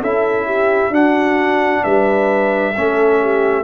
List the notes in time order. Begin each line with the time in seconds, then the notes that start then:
0.00 C#4 E4 A4 E5
0.45 G4
0.90 D4 F#4 F#5
1.83 G3 B4 E5
2.76 A3 C#4 A4
3.21 G4